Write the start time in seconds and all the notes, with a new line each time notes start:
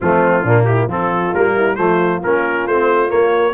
0.00 F3 A3 C4 F4
0.43 A#2 A#3 D4
0.64 E4 G4
0.86 F3 C4 F4 A4
1.34 G3 A#3 A#4
1.56 E4
1.75 F3 A3 F4 C5
2.23 A#3 C#4 A#4
2.67 A3 C4 C5
3.08 A#3 C#5